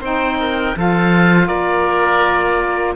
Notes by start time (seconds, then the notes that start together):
0.00 C4 D#4 C5 G5
0.39 A#4
0.76 F3 F4 A4 F5
1.47 A#3 A#4 D5